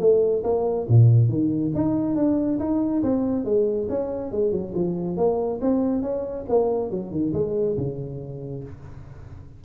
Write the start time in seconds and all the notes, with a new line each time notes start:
0.00 A3
0.44 A#3
0.89 A#2
1.29 D#3
1.75 D#4
2.16 D4
2.60 D#4
3.03 C4
3.45 G#3
3.89 C#4
4.32 G#3
4.52 F#3
4.75 F3
5.17 A#3
5.62 C4
6.03 C#4
6.49 A#3
6.91 F#3
7.11 D#3
7.34 G#3
7.78 C#3